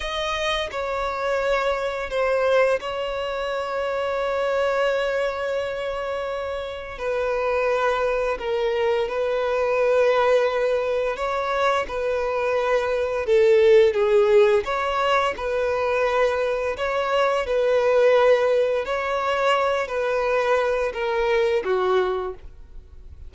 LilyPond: \new Staff \with { instrumentName = "violin" } { \time 4/4 \tempo 4 = 86 dis''4 cis''2 c''4 | cis''1~ | cis''2 b'2 | ais'4 b'2. |
cis''4 b'2 a'4 | gis'4 cis''4 b'2 | cis''4 b'2 cis''4~ | cis''8 b'4. ais'4 fis'4 | }